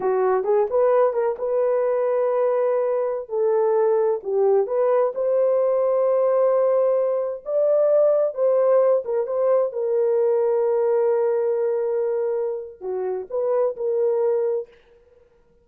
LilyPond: \new Staff \with { instrumentName = "horn" } { \time 4/4 \tempo 4 = 131 fis'4 gis'8 b'4 ais'8 b'4~ | b'2.~ b'16 a'8.~ | a'4~ a'16 g'4 b'4 c''8.~ | c''1~ |
c''16 d''2 c''4. ais'16~ | ais'16 c''4 ais'2~ ais'8.~ | ais'1 | fis'4 b'4 ais'2 | }